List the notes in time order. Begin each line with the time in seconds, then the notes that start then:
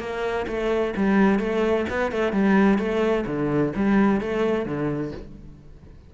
0.00 A#3
0.47 A3
0.97 G3
1.40 A3
1.90 B3
2.12 A3
2.33 G3
2.79 A3
3.27 D3
3.76 G3
4.21 A3
4.66 D3